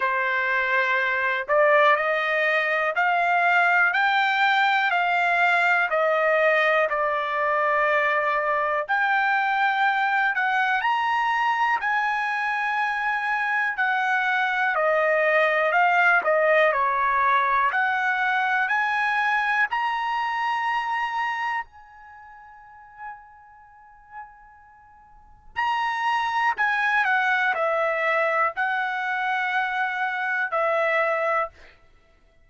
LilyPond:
\new Staff \with { instrumentName = "trumpet" } { \time 4/4 \tempo 4 = 61 c''4. d''8 dis''4 f''4 | g''4 f''4 dis''4 d''4~ | d''4 g''4. fis''8 ais''4 | gis''2 fis''4 dis''4 |
f''8 dis''8 cis''4 fis''4 gis''4 | ais''2 gis''2~ | gis''2 ais''4 gis''8 fis''8 | e''4 fis''2 e''4 | }